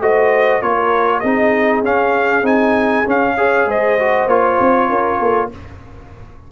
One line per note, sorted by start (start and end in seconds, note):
0.00 0.61 A3
0.00 0.61 F#4
0.00 0.62 C5
0.00 0.62 D#5
0.61 1.23 A#3
0.61 1.23 F4
0.61 1.19 A#4
0.61 1.20 C#5
1.19 1.83 C4
1.19 1.84 D#4
1.19 3.34 G#4
1.19 1.81 D#5
1.83 2.43 C#4
1.83 2.46 F5
2.43 3.04 C4
2.43 3.05 D#4
2.43 3.07 G#5
3.07 3.37 C#4
3.07 3.67 C#4
3.07 3.70 F5
3.37 3.98 G#4
3.37 3.67 C#5
3.67 4.27 G#3
3.67 4.89 C5
3.67 4.28 D#5
3.99 4.29 F#4
4.27 4.58 A#3
4.27 5.52 F4
4.27 5.51 C#5
4.60 4.89 C4
4.89 5.20 C#4
4.89 5.19 A#4
5.19 5.51 A#3
5.19 5.50 A4